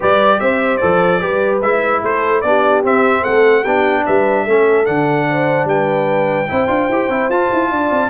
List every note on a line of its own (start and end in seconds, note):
0.00 0.40 G3
0.00 0.80 G4
0.00 0.40 B4
0.00 0.40 D5
0.40 0.81 C4
0.40 1.21 C5
0.40 0.77 E5
0.77 1.22 F3
0.77 1.20 A4
0.77 1.58 D5
1.20 1.61 G3
1.20 1.61 G4
1.20 2.02 B4
1.61 2.01 G#3
1.61 2.44 E4
1.61 2.02 E5
2.03 2.43 A3
2.03 2.44 A4
2.03 2.41 C5
2.41 2.84 B3
2.41 2.83 D4
2.41 3.21 G4
2.41 2.81 D5
2.83 3.64 C4
2.83 3.24 C4
2.83 3.24 E5
3.21 3.65 A3
3.21 3.60 A4
3.21 3.64 F#5
3.60 4.05 B3
3.60 4.47 D4
3.60 4.01 G4
3.60 4.04 G5
4.05 4.47 G3
4.05 4.44 B4
4.05 4.85 E5
4.44 4.87 A3
4.44 4.85 C#4
4.44 5.25 A4
4.85 5.64 D3
4.85 6.47 D4
4.85 5.66 F#5
5.29 5.68 C5
5.64 6.45 G3
5.64 6.48 B4
5.64 7.30 G5
6.48 6.68 C4
6.48 6.67 E4
6.48 7.70 C5
6.67 6.88 D4
6.67 6.87 F4
6.89 7.08 E4
6.89 7.10 G4
7.08 7.28 C4
7.08 7.30 E4
7.29 7.49 F4
7.29 8.09 F4
7.29 8.09 A5
7.52 7.71 E4
7.71 7.90 D4
7.71 8.09 D5
7.90 8.09 C4